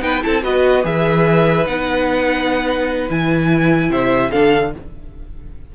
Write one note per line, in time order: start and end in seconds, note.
0.00 0.22 B3
0.00 0.20 D#4
0.00 0.24 B4
0.00 0.23 G5
0.21 0.44 C4
0.21 0.42 E4
0.21 0.43 A4
0.21 0.43 A5
0.42 0.84 B3
0.42 0.83 F#4
0.42 3.90 B4
0.42 0.84 D#5
0.83 1.66 E3
0.83 1.65 G#4
0.83 1.66 E5
1.66 3.09 B3
1.66 3.09 D#4
1.66 3.09 F#5
3.09 3.90 E3
3.09 4.31 E4
3.09 3.91 G#5
3.90 4.30 C3
3.90 4.30 C5
3.90 4.31 E5
4.30 4.75 D3
4.30 4.73 D4
4.30 4.71 A4
4.30 4.72 F5